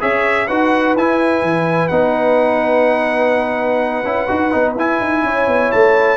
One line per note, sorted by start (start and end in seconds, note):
0.00 0.49 C#4
0.00 0.48 G#4
0.00 0.48 C#5
0.00 0.48 E5
0.48 0.96 D#4
0.48 0.98 F#4
0.48 5.24 B4
0.48 0.96 F#5
0.96 1.42 E4
0.96 1.91 E4
0.96 1.88 G#5
1.42 1.90 E3
1.88 4.05 B3
1.88 4.05 D#4
1.88 4.74 F#5
4.05 4.28 C#4
4.05 4.28 E4
4.28 4.54 D#4
4.28 4.52 F#4
4.52 4.76 B3
4.52 4.76 D#4
4.76 5.00 E4
4.76 6.18 E4
4.76 5.72 G#5
5.01 5.24 D#4
5.24 5.48 C#4
5.24 6.18 C#5
5.48 5.71 B3
5.72 6.18 A3
5.72 6.18 A5